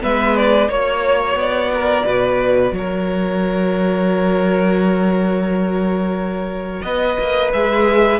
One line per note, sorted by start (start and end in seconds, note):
0.00 0.69 G#3
0.00 0.68 B3
0.00 0.68 B4
0.00 0.37 E5
0.37 0.70 D5
0.68 1.35 A#3
0.68 7.50 F#4
0.68 1.71 C#5
0.68 1.38 C#5
1.35 2.03 B3
1.35 2.74 D5
1.74 2.06 A#4
2.06 2.71 B2
2.06 2.74 B4
2.71 6.81 F#3
2.71 6.83 A#4
2.71 6.82 C#5
6.82 7.17 B3
6.82 8.20 B4
6.82 7.50 D#5
7.19 7.53 A#3
7.53 8.20 G#3
7.53 8.20 G#4
7.53 8.20 E5